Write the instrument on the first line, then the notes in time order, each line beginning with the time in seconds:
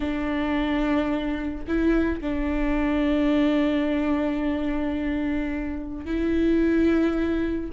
viola
0.00 D4
1.67 E4
2.20 D4
6.05 E4